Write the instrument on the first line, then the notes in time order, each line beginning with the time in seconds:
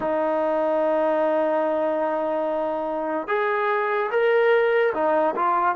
trombone
0.00 D#4
3.27 G#4
4.11 A#4
4.94 D#4
5.35 F4